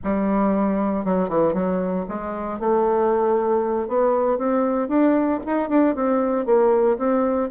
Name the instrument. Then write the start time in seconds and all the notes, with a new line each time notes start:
bassoon
0.03 G3
1.04 F#3
1.28 E3
1.53 F#3
2.08 G#3
2.59 A3
3.88 B3
4.38 C4
4.88 D4
5.46 D#4
5.69 D4
5.95 C4
6.45 A#3
6.98 C4